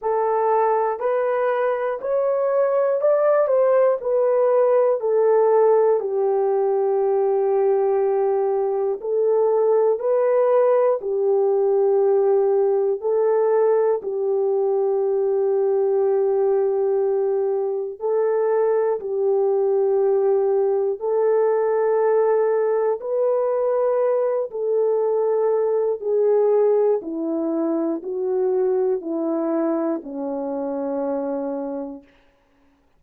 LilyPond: \new Staff \with { instrumentName = "horn" } { \time 4/4 \tempo 4 = 60 a'4 b'4 cis''4 d''8 c''8 | b'4 a'4 g'2~ | g'4 a'4 b'4 g'4~ | g'4 a'4 g'2~ |
g'2 a'4 g'4~ | g'4 a'2 b'4~ | b'8 a'4. gis'4 e'4 | fis'4 e'4 cis'2 | }